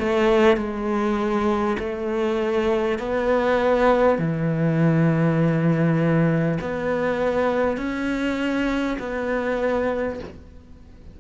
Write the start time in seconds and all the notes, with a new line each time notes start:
0.00 A3
0.57 G#3
1.80 A3
2.99 B3
4.19 E3
6.61 B3
7.78 C#4
9.00 B3